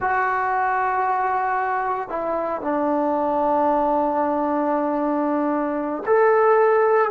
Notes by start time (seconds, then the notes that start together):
0.00 F#4
2.08 E4
2.61 D4
6.06 A4